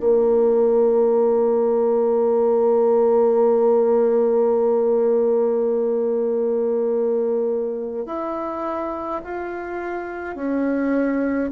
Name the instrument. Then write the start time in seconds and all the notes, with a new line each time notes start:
bassoon
0.00 A#3
8.06 E4
9.25 F4
10.36 C#4